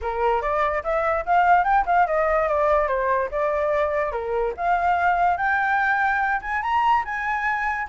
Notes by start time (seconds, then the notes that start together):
0.01 A#4
0.41 D5
0.83 E5
1.25 F5
1.63 G5
1.86 F5
2.07 D#5
2.47 D5
2.87 C5
3.31 D5
4.12 A#4
4.56 F5
5.37 G5
6.41 G#5
6.62 A#5
7.05 G#5